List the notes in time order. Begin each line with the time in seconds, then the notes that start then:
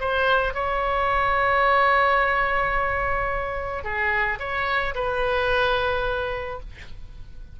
0.00 C5
0.54 C#5
3.84 G#4
4.39 C#5
4.95 B4